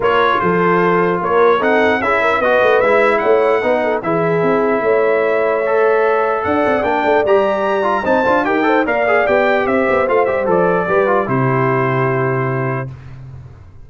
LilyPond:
<<
  \new Staff \with { instrumentName = "trumpet" } { \time 4/4 \tempo 4 = 149 cis''4 c''2 cis''4 | fis''4 e''4 dis''4 e''4 | fis''2 e''2~ | e''1 |
fis''4 g''4 ais''2 | a''4 g''4 f''4 g''4 | e''4 f''8 e''8 d''2 | c''1 | }
  \new Staff \with { instrumentName = "horn" } { \time 4/4 ais'4 a'2 ais'4 | a'4 gis'8 ais'8 b'2 | cis''4 b'8 a'8 gis'2 | cis''1 |
d''1 | c''4 ais'8 c''8 d''2 | c''2. b'4 | g'1 | }
  \new Staff \with { instrumentName = "trombone" } { \time 4/4 f'1 | dis'4 e'4 fis'4 e'4~ | e'4 dis'4 e'2~ | e'2 a'2~ |
a'4 d'4 g'4. f'8 | dis'8 f'8 g'8 a'8 ais'8 gis'8 g'4~ | g'4 f'8 g'8 a'4 g'8 f'8 | e'1 | }
  \new Staff \with { instrumentName = "tuba" } { \time 4/4 ais4 f2 ais4 | c'4 cis'4 b8 a8 gis4 | a4 b4 e4 c'4 | a1 |
d'8 c'8 ais8 a8 g2 | c'8 d'8 dis'4 ais4 b4 | c'8 b8 a8 g8 f4 g4 | c1 | }
>>